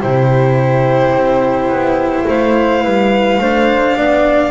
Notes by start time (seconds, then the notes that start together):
0.00 C3 E4 G4 C5
1.13 C4
1.69 B3
2.28 A3 C5 F5
2.83 G3 B4
3.38 A3 D4 C5
3.96 B3 D5